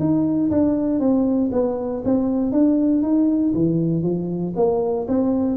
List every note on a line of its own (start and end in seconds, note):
0.00 0.51 D#4
0.51 1.00 D4
1.00 1.51 C4
1.53 2.03 B3
2.05 2.52 C4
2.52 3.03 D4
3.03 3.53 D#4
3.55 4.03 E3
4.03 4.54 F3
4.56 5.07 A#3
5.08 5.57 C4